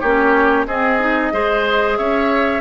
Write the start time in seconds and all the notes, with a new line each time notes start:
0.00 A#3 C#4 G4 C#5
0.66 C4 G#4 D#5
1.00 D#4
1.32 G#3 G#4 C5
1.97 C#4 C#5 E5